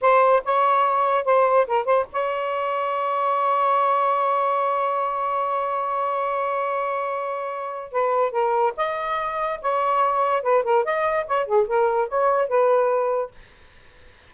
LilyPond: \new Staff \with { instrumentName = "saxophone" } { \time 4/4 \tempo 4 = 144 c''4 cis''2 c''4 | ais'8 c''8 cis''2.~ | cis''1~ | cis''1~ |
cis''2. b'4 | ais'4 dis''2 cis''4~ | cis''4 b'8 ais'8 dis''4 cis''8 gis'8 | ais'4 cis''4 b'2 | }